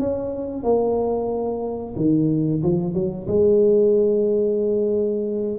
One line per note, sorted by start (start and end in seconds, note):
0.00 0.64 C#4
0.64 1.96 A#3
1.97 2.63 D#3
2.64 2.94 F3
2.94 3.27 F#3
3.28 5.59 G#3